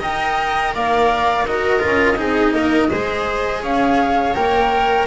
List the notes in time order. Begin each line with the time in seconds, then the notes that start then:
0.00 D#4 A#4 D#5 G5
0.75 A#3 D5 F5
1.44 D#4 F#4 A#4 D#5
1.80 F4
1.86 C#4
2.17 C4 D#4 G#4
2.53 A#3 A#4
2.90 G#3 G#4 C5
3.62 C#4 C#5 F5
4.34 A#3 A#4 G5